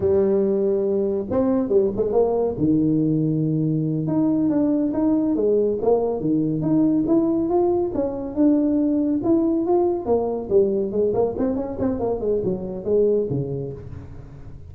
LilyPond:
\new Staff \with { instrumentName = "tuba" } { \time 4/4 \tempo 4 = 140 g2. c'4 | g8 gis8 ais4 dis2~ | dis4. dis'4 d'4 dis'8~ | dis'8 gis4 ais4 dis4 dis'8~ |
dis'8 e'4 f'4 cis'4 d'8~ | d'4. e'4 f'4 ais8~ | ais8 g4 gis8 ais8 c'8 cis'8 c'8 | ais8 gis8 fis4 gis4 cis4 | }